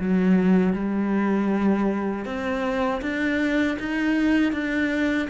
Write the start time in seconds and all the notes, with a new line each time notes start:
0.00 F#3
0.73 G3
2.25 C4
3.02 D4
3.79 D#4
4.52 D4